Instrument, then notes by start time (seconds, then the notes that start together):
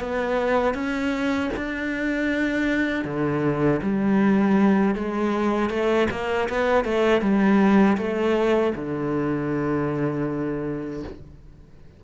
cello
0.00 B3
0.74 C#4
1.57 D4
3.04 D3
3.83 G3
4.95 G#3
5.70 A3
6.11 A#3
6.49 B3
6.85 A3
7.22 G3
7.98 A3
8.76 D3